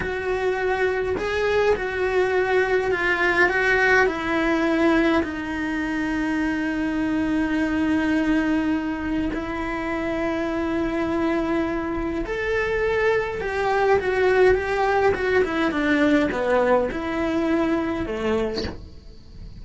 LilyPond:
\new Staff \with { instrumentName = "cello" } { \time 4/4 \tempo 4 = 103 fis'2 gis'4 fis'4~ | fis'4 f'4 fis'4 e'4~ | e'4 dis'2.~ | dis'1 |
e'1~ | e'4 a'2 g'4 | fis'4 g'4 fis'8 e'8 d'4 | b4 e'2 a4 | }